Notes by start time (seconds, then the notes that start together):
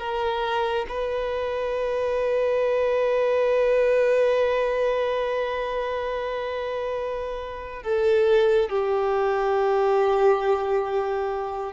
0.00 A#4
0.89 B4
7.83 A4
8.70 G4